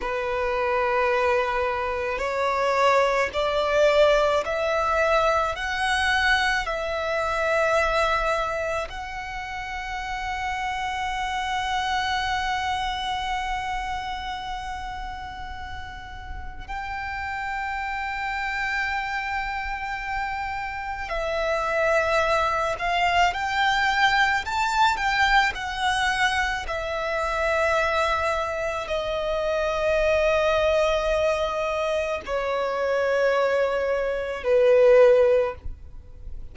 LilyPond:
\new Staff \with { instrumentName = "violin" } { \time 4/4 \tempo 4 = 54 b'2 cis''4 d''4 | e''4 fis''4 e''2 | fis''1~ | fis''2. g''4~ |
g''2. e''4~ | e''8 f''8 g''4 a''8 g''8 fis''4 | e''2 dis''2~ | dis''4 cis''2 b'4 | }